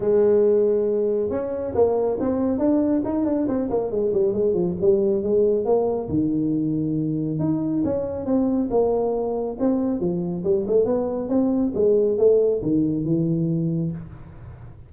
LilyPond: \new Staff \with { instrumentName = "tuba" } { \time 4/4 \tempo 4 = 138 gis2. cis'4 | ais4 c'4 d'4 dis'8 d'8 | c'8 ais8 gis8 g8 gis8 f8 g4 | gis4 ais4 dis2~ |
dis4 dis'4 cis'4 c'4 | ais2 c'4 f4 | g8 a8 b4 c'4 gis4 | a4 dis4 e2 | }